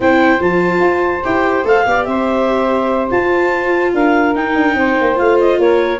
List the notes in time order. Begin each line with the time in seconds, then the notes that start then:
0.00 C4 E4 C5 G5
0.38 F3 F4 A5
0.79 F4
1.24 E4 G4 G5
1.64 A3 A4 F5
1.85 B3 G4 D5
2.04 C4 C5 E5
3.10 F4 A5
3.94 D4 A#4 F5
4.34 D#4 G5
4.55 D4
4.74 C4 C5
5.00 A#3
5.14 A3 F4 F5
5.39 D#5
5.58 A#3 A#4 C#5